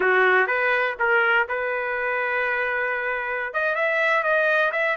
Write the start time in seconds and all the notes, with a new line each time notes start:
0.00 F#4
0.47 B4
0.99 A#4
1.48 B4
3.53 D#5
3.75 E5
4.23 D#5
4.72 E5